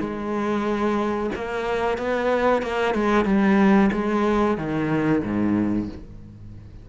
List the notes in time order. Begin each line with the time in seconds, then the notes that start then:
0.00 G#3
1.35 A#3
1.98 B3
2.62 A#3
2.95 G#3
3.25 G3
3.92 G#3
4.57 D#3
5.23 G#2